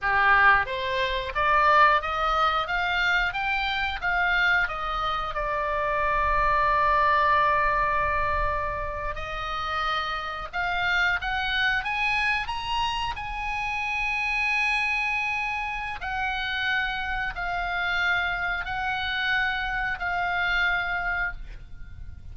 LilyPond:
\new Staff \with { instrumentName = "oboe" } { \time 4/4 \tempo 4 = 90 g'4 c''4 d''4 dis''4 | f''4 g''4 f''4 dis''4 | d''1~ | d''4.~ d''16 dis''2 f''16~ |
f''8. fis''4 gis''4 ais''4 gis''16~ | gis''1 | fis''2 f''2 | fis''2 f''2 | }